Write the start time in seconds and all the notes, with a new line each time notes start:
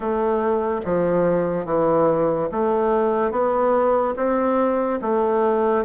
0.00 A3
0.84 F3
1.65 E3
2.52 A3
3.31 B3
4.16 C4
5.02 A3